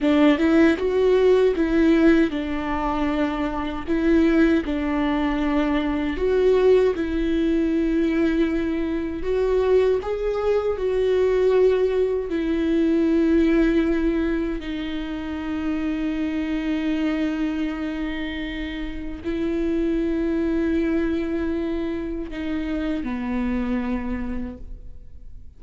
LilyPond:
\new Staff \with { instrumentName = "viola" } { \time 4/4 \tempo 4 = 78 d'8 e'8 fis'4 e'4 d'4~ | d'4 e'4 d'2 | fis'4 e'2. | fis'4 gis'4 fis'2 |
e'2. dis'4~ | dis'1~ | dis'4 e'2.~ | e'4 dis'4 b2 | }